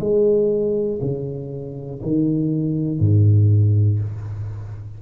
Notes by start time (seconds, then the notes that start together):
0.00 G#3
1.02 C#3
2.03 D#3
3.00 G#2